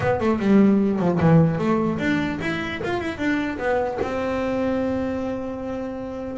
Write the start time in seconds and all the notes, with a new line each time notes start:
0.00 B3
0.20 A3
0.39 G3
0.99 F3
1.20 E3
1.58 A3
1.98 D4
2.41 E4
2.83 F4
3.00 E4
3.18 D4
3.58 B3
4.01 C4